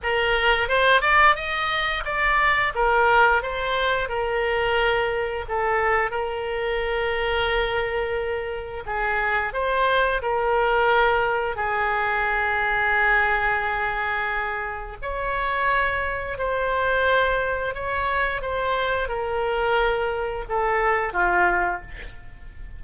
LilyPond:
\new Staff \with { instrumentName = "oboe" } { \time 4/4 \tempo 4 = 88 ais'4 c''8 d''8 dis''4 d''4 | ais'4 c''4 ais'2 | a'4 ais'2.~ | ais'4 gis'4 c''4 ais'4~ |
ais'4 gis'2.~ | gis'2 cis''2 | c''2 cis''4 c''4 | ais'2 a'4 f'4 | }